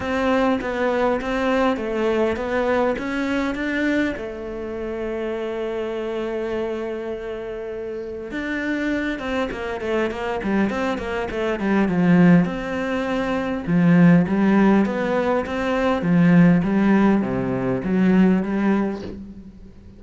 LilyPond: \new Staff \with { instrumentName = "cello" } { \time 4/4 \tempo 4 = 101 c'4 b4 c'4 a4 | b4 cis'4 d'4 a4~ | a1~ | a2 d'4. c'8 |
ais8 a8 ais8 g8 c'8 ais8 a8 g8 | f4 c'2 f4 | g4 b4 c'4 f4 | g4 c4 fis4 g4 | }